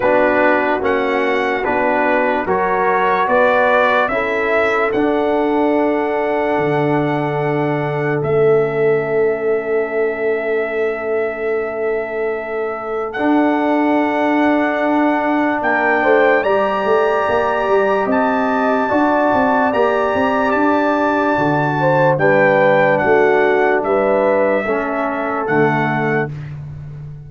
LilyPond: <<
  \new Staff \with { instrumentName = "trumpet" } { \time 4/4 \tempo 4 = 73 b'4 fis''4 b'4 cis''4 | d''4 e''4 fis''2~ | fis''2 e''2~ | e''1 |
fis''2. g''4 | ais''2 a''2 | ais''4 a''2 g''4 | fis''4 e''2 fis''4 | }
  \new Staff \with { instrumentName = "horn" } { \time 4/4 fis'2. ais'4 | b'4 a'2.~ | a'1~ | a'1~ |
a'2. ais'8 c''8 | d''2 dis''4 d''4~ | d''2~ d''8 c''8 b'4 | fis'4 b'4 a'2 | }
  \new Staff \with { instrumentName = "trombone" } { \time 4/4 d'4 cis'4 d'4 fis'4~ | fis'4 e'4 d'2~ | d'2 cis'2~ | cis'1 |
d'1 | g'2. fis'4 | g'2 fis'4 d'4~ | d'2 cis'4 a4 | }
  \new Staff \with { instrumentName = "tuba" } { \time 4/4 b4 ais4 b4 fis4 | b4 cis'4 d'2 | d2 a2~ | a1 |
d'2. ais8 a8 | g8 a8 ais8 g8 c'4 d'8 c'8 | ais8 c'8 d'4 d4 g4 | a4 g4 a4 d4 | }
>>